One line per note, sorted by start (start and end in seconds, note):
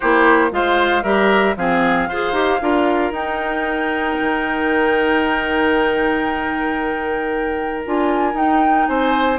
0.00 0.51 A#3
0.00 0.51 E4
0.00 0.49 G4
0.00 0.52 C5
0.51 1.03 G#3
0.51 1.03 F4
0.51 1.03 C5
0.51 1.03 F5
1.03 1.55 G3
1.03 1.56 G4
1.03 1.55 A#4
1.03 1.55 E5
1.56 2.08 F3
1.56 2.09 C4
1.56 2.09 G#4
1.56 3.13 F5
2.08 2.32 F4
2.08 2.33 G#4
2.08 2.61 C5
2.32 2.58 D#4
2.32 2.59 G4
2.60 3.11 D4
2.60 3.12 F4
2.60 8.88 A#4
3.11 4.15 D#4
3.11 7.84 D#4
3.11 7.83 G5
4.20 7.85 D#3
7.85 8.33 D4
7.85 8.33 F4
7.85 8.36 G#5
8.33 8.85 D#4
8.33 9.37 D#4
8.33 8.85 G5
8.85 9.39 C4
8.85 9.39 C5
8.85 9.38 G#5